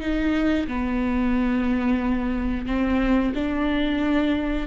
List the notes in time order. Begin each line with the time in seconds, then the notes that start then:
0.00 D#4
0.67 B3
2.66 C4
3.35 D4